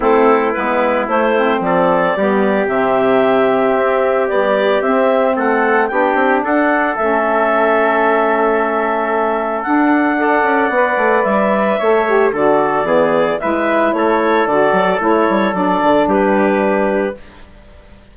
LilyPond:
<<
  \new Staff \with { instrumentName = "clarinet" } { \time 4/4 \tempo 4 = 112 a'4 b'4 c''4 d''4~ | d''4 e''2. | d''4 e''4 fis''4 g''4 | fis''4 e''2.~ |
e''2 fis''2~ | fis''4 e''2 d''4~ | d''4 e''4 cis''4 d''4 | cis''4 d''4 b'2 | }
  \new Staff \with { instrumentName = "trumpet" } { \time 4/4 e'2. a'4 | g'1~ | g'2 a'4 g'4 | a'1~ |
a'2. d''4~ | d''2 cis''4 a'4 | gis'4 b'4 a'2~ | a'2 g'2 | }
  \new Staff \with { instrumentName = "saxophone" } { \time 4/4 c'4 b4 a8 c'4. | b4 c'2. | g4 c'2 d'4~ | d'4 cis'2.~ |
cis'2 d'4 a'4 | b'2 a'8 g'8 fis'4 | b4 e'2 fis'4 | e'4 d'2. | }
  \new Staff \with { instrumentName = "bassoon" } { \time 4/4 a4 gis4 a4 f4 | g4 c2 c'4 | b4 c'4 a4 b8 c'8 | d'4 a2.~ |
a2 d'4. cis'8 | b8 a8 g4 a4 d4 | e4 gis4 a4 d8 fis8 | a8 g8 fis8 d8 g2 | }
>>